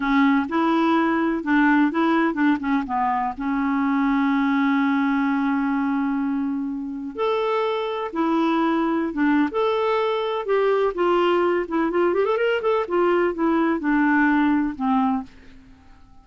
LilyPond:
\new Staff \with { instrumentName = "clarinet" } { \time 4/4 \tempo 4 = 126 cis'4 e'2 d'4 | e'4 d'8 cis'8 b4 cis'4~ | cis'1~ | cis'2. a'4~ |
a'4 e'2~ e'16 d'8. | a'2 g'4 f'4~ | f'8 e'8 f'8 g'16 a'16 ais'8 a'8 f'4 | e'4 d'2 c'4 | }